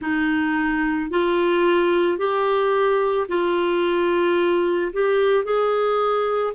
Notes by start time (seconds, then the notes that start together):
0.01 D#4
1.10 F4
2.18 G4
3.28 F4
4.92 G4
5.44 G#4